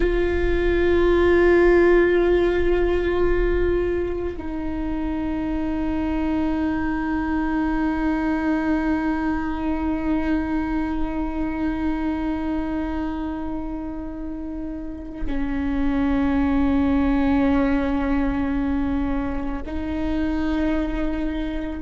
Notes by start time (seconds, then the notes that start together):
0.00 F4
4.37 D#4
15.26 C#4
19.66 D#4